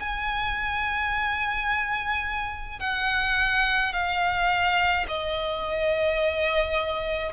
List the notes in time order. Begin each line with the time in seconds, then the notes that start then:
0.00 G#5
2.80 F#5
3.93 F5
5.08 D#5